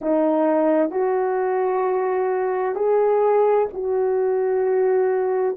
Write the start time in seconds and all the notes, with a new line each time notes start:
0.01 D#4
0.90 F#4
2.75 G#4
3.73 F#4